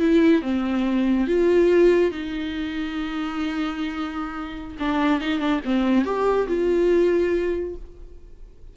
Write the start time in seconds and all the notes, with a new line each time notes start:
0.00 E4
0.42 C4
1.27 F4
2.11 D#4
4.79 D4
5.21 D#4
5.39 D4
5.65 C4
6.05 G4
6.48 F4